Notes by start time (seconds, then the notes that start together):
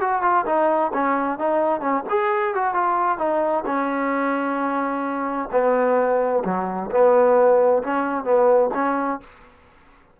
0.00 F#4
0.22 F4
0.45 D#4
0.93 C#4
1.38 D#4
1.80 C#4
2.09 G#4
2.54 F#4
2.74 F4
3.18 D#4
3.65 C#4
5.51 B3
6.44 F#3
6.91 B3
7.83 C#4
8.24 B3
8.74 C#4